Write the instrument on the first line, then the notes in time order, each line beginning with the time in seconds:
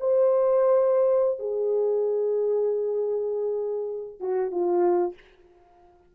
horn
0.00 C5
1.39 G#4
4.20 F#4
4.51 F4